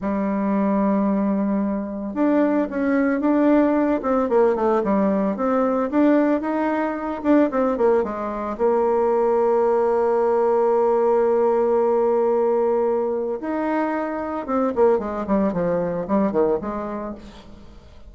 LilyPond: \new Staff \with { instrumentName = "bassoon" } { \time 4/4 \tempo 4 = 112 g1 | d'4 cis'4 d'4. c'8 | ais8 a8 g4 c'4 d'4 | dis'4. d'8 c'8 ais8 gis4 |
ais1~ | ais1~ | ais4 dis'2 c'8 ais8 | gis8 g8 f4 g8 dis8 gis4 | }